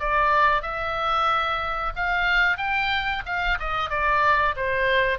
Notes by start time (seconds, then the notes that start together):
0.00 D5
0.63 E5
1.96 F5
2.58 G5
3.26 F5
3.60 D#5
3.90 D5
4.57 C5